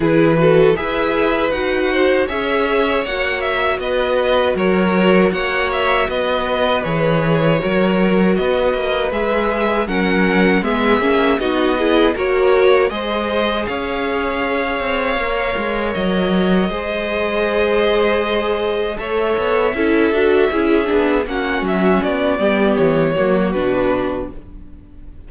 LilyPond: <<
  \new Staff \with { instrumentName = "violin" } { \time 4/4 \tempo 4 = 79 b'4 e''4 fis''4 e''4 | fis''8 e''8 dis''4 cis''4 fis''8 e''8 | dis''4 cis''2 dis''4 | e''4 fis''4 e''4 dis''4 |
cis''4 dis''4 f''2~ | f''4 dis''2.~ | dis''4 e''2. | fis''8 e''8 d''4 cis''4 b'4 | }
  \new Staff \with { instrumentName = "violin" } { \time 4/4 gis'8 a'8 b'4. c''8 cis''4~ | cis''4 b'4 ais'4 cis''4 | b'2 ais'4 b'4~ | b'4 ais'4 gis'4 fis'8 gis'8 |
ais'4 c''4 cis''2~ | cis''2 c''2~ | c''4 cis''4 a'4 gis'4 | fis'4. g'4 fis'4. | }
  \new Staff \with { instrumentName = "viola" } { \time 4/4 e'8 fis'8 gis'4 fis'4 gis'4 | fis'1~ | fis'4 gis'4 fis'2 | gis'4 cis'4 b8 cis'8 dis'8 e'8 |
fis'4 gis'2. | ais'2 gis'2~ | gis'4 a'4 e'8 fis'8 e'8 d'8 | cis'4. b4 ais8 d'4 | }
  \new Staff \with { instrumentName = "cello" } { \time 4/4 e4 e'4 dis'4 cis'4 | ais4 b4 fis4 ais4 | b4 e4 fis4 b8 ais8 | gis4 fis4 gis8 ais8 b4 |
ais4 gis4 cis'4. c'8 | ais8 gis8 fis4 gis2~ | gis4 a8 b8 cis'8 d'8 cis'8 b8 | ais8 fis8 b8 g8 e8 fis8 b,4 | }
>>